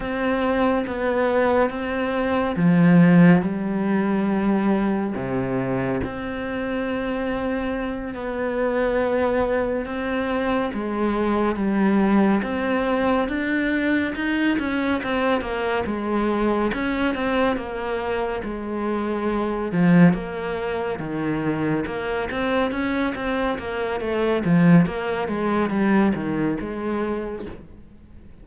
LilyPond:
\new Staff \with { instrumentName = "cello" } { \time 4/4 \tempo 4 = 70 c'4 b4 c'4 f4 | g2 c4 c'4~ | c'4. b2 c'8~ | c'8 gis4 g4 c'4 d'8~ |
d'8 dis'8 cis'8 c'8 ais8 gis4 cis'8 | c'8 ais4 gis4. f8 ais8~ | ais8 dis4 ais8 c'8 cis'8 c'8 ais8 | a8 f8 ais8 gis8 g8 dis8 gis4 | }